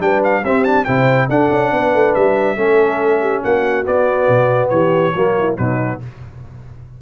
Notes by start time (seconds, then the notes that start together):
0.00 G3 D4 B4 G5
0.24 F5
0.43 C4 G4 E5
0.64 D4 A5
0.85 C3 E4 C5 G5
1.28 D4 A4 F#5
1.51 C#4
1.71 B3 B4
1.94 A3
2.14 G3 E5
2.56 A3 C#4 A4
3.21 G4
3.43 A#3 F#4 F#5
3.84 B3 D5
4.28 B2
4.69 E3 G4 C#5
5.15 F#3 A#3 F#4
5.39 E4
5.57 B2 F#3 D#4 B4